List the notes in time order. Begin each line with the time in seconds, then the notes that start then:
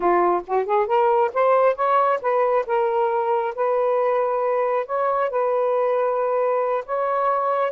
0.00 F4
0.46 F#4
0.65 G#4
0.87 A#4
1.33 C5
1.75 C#5
2.21 B4
2.66 A#4
3.55 B4
4.86 C#5
5.30 B4
6.85 C#5